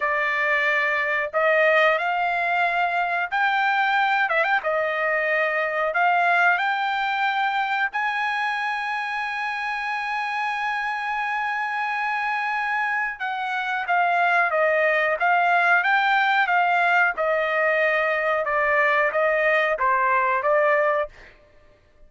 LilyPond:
\new Staff \with { instrumentName = "trumpet" } { \time 4/4 \tempo 4 = 91 d''2 dis''4 f''4~ | f''4 g''4. e''16 g''16 dis''4~ | dis''4 f''4 g''2 | gis''1~ |
gis''1 | fis''4 f''4 dis''4 f''4 | g''4 f''4 dis''2 | d''4 dis''4 c''4 d''4 | }